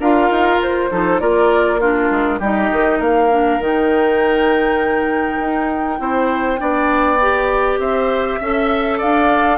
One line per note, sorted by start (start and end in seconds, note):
0.00 0.30 D4
0.00 0.91 F4
0.00 0.91 A#4
0.00 0.62 F5
0.31 0.57 D#4
0.57 0.87 F4
0.57 1.20 C5
0.91 1.21 F3
0.91 1.20 D#4
0.91 1.21 A4
1.20 2.10 A#3
1.20 1.80 F4
1.20 1.80 A#4
1.20 1.80 D5
1.80 2.41 D4
1.80 2.40 F4
1.80 2.41 A#4
2.11 2.40 G#3
2.40 2.70 G3
2.40 3.31 D#4
2.40 2.99 G4
2.40 3.02 D#5
2.73 3.00 D#3
2.99 3.60 A#3
2.99 5.99 A#4
2.99 3.62 F5
3.31 3.61 D4
3.60 5.40 D#3
3.60 5.98 D#4
3.60 7.80 G5
5.41 6.00 D#4
5.98 6.60 C4
5.98 6.58 E4
5.98 6.61 C5
6.58 7.79 B3
6.58 7.18 D4
6.58 7.80 D5
7.21 8.41 G4
7.79 8.39 C4
7.79 8.40 C5
7.79 9.00 E5
8.40 9.01 C#4
8.40 9.58 A4
8.40 8.98 E5
8.98 9.58 D4
8.98 9.58 D5
8.98 9.58 F5